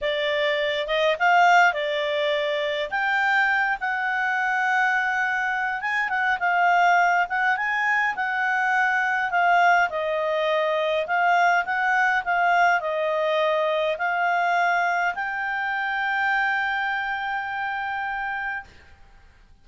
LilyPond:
\new Staff \with { instrumentName = "clarinet" } { \time 4/4 \tempo 4 = 103 d''4. dis''8 f''4 d''4~ | d''4 g''4. fis''4.~ | fis''2 gis''8 fis''8 f''4~ | f''8 fis''8 gis''4 fis''2 |
f''4 dis''2 f''4 | fis''4 f''4 dis''2 | f''2 g''2~ | g''1 | }